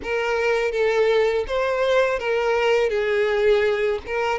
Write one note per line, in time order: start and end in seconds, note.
0.02 0.72 A#4
0.72 1.45 A4
1.47 2.19 C5
2.19 2.89 A#4
2.89 3.99 G#4
4.06 4.38 A#4